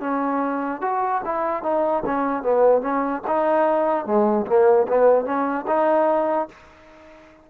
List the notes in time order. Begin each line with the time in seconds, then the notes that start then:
0.00 C#4
0.81 F#4
1.25 E4
1.63 D#4
2.05 C#4
2.43 B3
2.82 C#4
3.27 D#4
4.06 G#3
4.46 A#3
4.88 B3
5.25 C#4
5.67 D#4